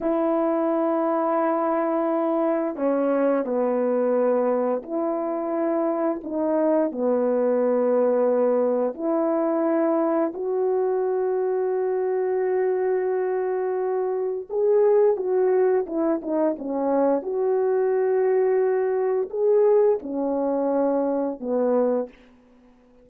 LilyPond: \new Staff \with { instrumentName = "horn" } { \time 4/4 \tempo 4 = 87 e'1 | cis'4 b2 e'4~ | e'4 dis'4 b2~ | b4 e'2 fis'4~ |
fis'1~ | fis'4 gis'4 fis'4 e'8 dis'8 | cis'4 fis'2. | gis'4 cis'2 b4 | }